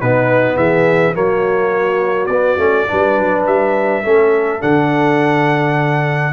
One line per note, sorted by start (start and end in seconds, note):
0.00 0.56 B2
0.00 1.14 B3
0.00 0.56 D#4
0.00 0.57 B4
0.56 1.14 E3
0.56 1.14 G#4
0.56 1.15 E5
1.14 2.28 F#3
1.14 2.29 A#3
1.14 2.89 F#4
1.14 2.26 C#5
2.26 2.57 B3
2.26 2.58 B3
2.26 3.41 D5
2.57 2.86 A3
2.57 2.87 C#4
2.87 3.19 G3
2.87 4.03 D4
2.87 4.03 B4
3.19 3.46 F#3
3.46 4.04 G3
3.46 4.62 E5
4.03 4.63 A3
4.03 4.60 C#4
4.03 6.33 A4
4.60 6.33 D3
4.60 6.33 D4
4.60 6.33 F#5